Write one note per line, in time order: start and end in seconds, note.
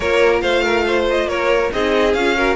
0.00 0.42 A#3
0.00 1.71 F4
0.00 0.42 A#4
0.00 0.40 C#5
0.41 1.26 A3
0.41 0.62 C5
0.41 1.05 F5
0.62 0.84 A#4
0.86 1.29 C5
1.09 1.28 D#5
1.26 1.69 A#3
1.26 1.72 A#4
1.26 1.71 C#5
1.71 2.14 C4
1.71 2.14 D#4
1.71 2.36 G#4
1.71 2.13 D#5
2.13 2.55 C#4
2.13 2.36 F4
2.13 2.55 F5
2.36 2.55 F#4
2.36 2.55 A#4